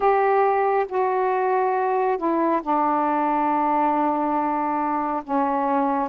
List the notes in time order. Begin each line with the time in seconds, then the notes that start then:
0.00 G4
0.89 F#4
2.17 E4
2.61 D4
5.24 C#4